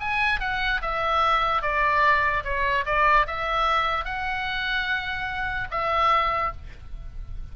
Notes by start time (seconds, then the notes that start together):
0.00 G#5
0.40 F#5
0.82 E5
1.62 D5
2.44 C#5
2.86 D5
3.27 E5
4.05 F#5
5.71 E5